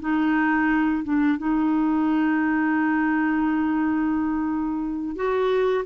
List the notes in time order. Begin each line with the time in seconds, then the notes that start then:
0.00 D#4
1.03 D4
1.38 D#4
5.15 F#4